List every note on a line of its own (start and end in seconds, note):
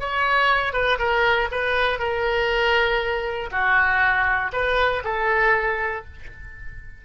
0.00 0.73 C#5
0.73 0.99 B4
0.99 1.49 A#4
1.52 1.99 B4
1.99 3.50 A#4
3.51 4.52 F#4
4.53 5.03 B4
5.04 6.05 A4